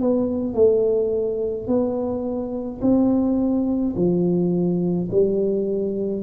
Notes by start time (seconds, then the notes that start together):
0.00 B3
0.54 A3
1.67 B3
2.81 C4
3.96 F3
5.11 G3